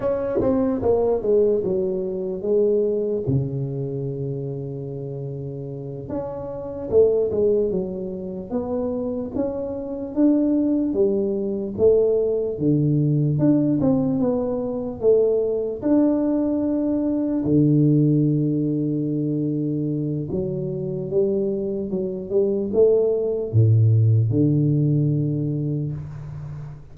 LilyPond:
\new Staff \with { instrumentName = "tuba" } { \time 4/4 \tempo 4 = 74 cis'8 c'8 ais8 gis8 fis4 gis4 | cis2.~ cis8 cis'8~ | cis'8 a8 gis8 fis4 b4 cis'8~ | cis'8 d'4 g4 a4 d8~ |
d8 d'8 c'8 b4 a4 d'8~ | d'4. d2~ d8~ | d4 fis4 g4 fis8 g8 | a4 a,4 d2 | }